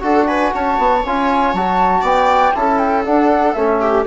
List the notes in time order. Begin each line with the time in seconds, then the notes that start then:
0.00 D4 F#4 A4 F#5
0.27 B4 G#5
0.53 C#4 C#5 A5
0.78 B3
1.05 C#4 F4 G#5
1.53 F#3 F#4 A5
2.01 B3 D5 G5
2.54 C#4 E4 A4 A5
2.78 G5
3.04 D4 F#5
3.53 A3 C#4 E5
3.80 G4